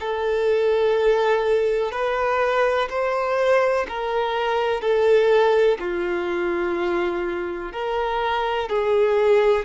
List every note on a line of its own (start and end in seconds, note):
0.00 1.92 A4
1.92 2.89 B4
2.89 3.86 C5
3.88 4.81 A#4
4.81 5.78 A4
5.79 7.72 F4
7.72 8.69 A#4
8.69 9.65 G#4